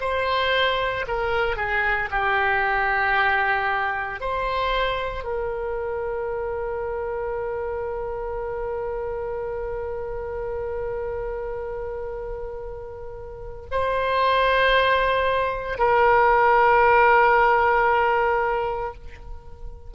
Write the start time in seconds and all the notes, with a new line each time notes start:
0.00 C5
1.08 A#4
1.56 G#4
2.11 G4
4.20 C5
5.24 A#4
13.71 C5
15.78 A#4